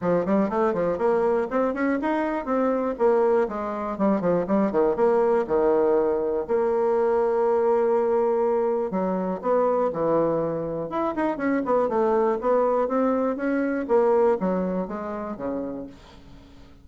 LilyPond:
\new Staff \with { instrumentName = "bassoon" } { \time 4/4 \tempo 4 = 121 f8 g8 a8 f8 ais4 c'8 cis'8 | dis'4 c'4 ais4 gis4 | g8 f8 g8 dis8 ais4 dis4~ | dis4 ais2.~ |
ais2 fis4 b4 | e2 e'8 dis'8 cis'8 b8 | a4 b4 c'4 cis'4 | ais4 fis4 gis4 cis4 | }